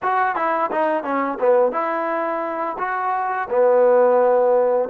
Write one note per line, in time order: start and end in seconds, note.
0.02 0.35 F#4
0.35 0.70 E4
0.71 1.03 D#4
1.03 1.38 C#4
1.40 1.72 B3
1.72 2.76 E4
2.78 3.48 F#4
3.49 4.89 B3